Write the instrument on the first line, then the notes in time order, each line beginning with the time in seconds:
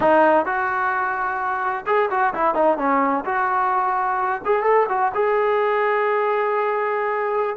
trombone
0.00 D#4
0.45 F#4
1.86 G#4
2.10 F#4
2.33 E4
2.54 D#4
2.77 C#4
3.25 F#4
4.45 G#4
4.63 A4
4.88 F#4
5.14 G#4